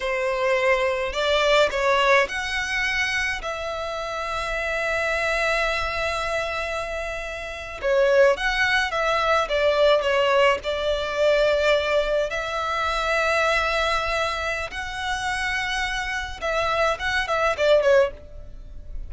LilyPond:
\new Staff \with { instrumentName = "violin" } { \time 4/4 \tempo 4 = 106 c''2 d''4 cis''4 | fis''2 e''2~ | e''1~ | e''4.~ e''16 cis''4 fis''4 e''16~ |
e''8. d''4 cis''4 d''4~ d''16~ | d''4.~ d''16 e''2~ e''16~ | e''2 fis''2~ | fis''4 e''4 fis''8 e''8 d''8 cis''8 | }